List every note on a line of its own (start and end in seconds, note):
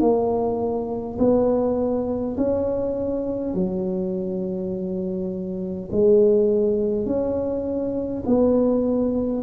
0.00 1.18 A#3
1.19 2.36 B3
2.37 3.54 C#4
3.54 5.89 F#3
5.91 7.06 G#3
7.06 8.24 C#4
8.26 9.43 B3